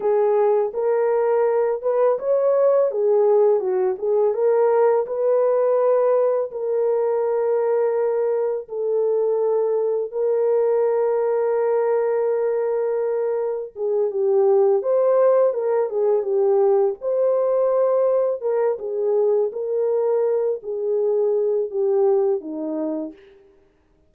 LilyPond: \new Staff \with { instrumentName = "horn" } { \time 4/4 \tempo 4 = 83 gis'4 ais'4. b'8 cis''4 | gis'4 fis'8 gis'8 ais'4 b'4~ | b'4 ais'2. | a'2 ais'2~ |
ais'2. gis'8 g'8~ | g'8 c''4 ais'8 gis'8 g'4 c''8~ | c''4. ais'8 gis'4 ais'4~ | ais'8 gis'4. g'4 dis'4 | }